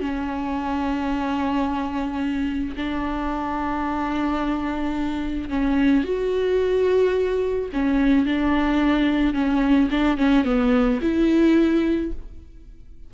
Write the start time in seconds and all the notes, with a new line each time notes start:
0.00 C#4
2.76 D4
5.49 C#4
6.04 F#4
7.73 C#4
8.25 D4
9.34 C#4
9.91 D4
10.17 C#4
10.44 B3
11.02 E4